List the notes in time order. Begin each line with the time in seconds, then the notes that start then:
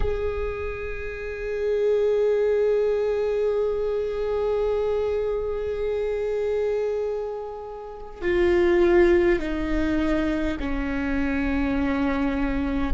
0.00 G#4
8.21 F4
9.39 D#4
10.59 C#4